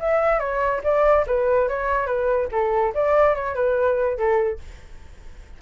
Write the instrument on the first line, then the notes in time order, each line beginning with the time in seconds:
flute
0.00 E5
0.40 C#5
0.84 D5
1.27 B4
1.69 C#5
2.07 B4
2.52 A4
2.95 D5
3.35 C#5
3.55 B4
4.18 A4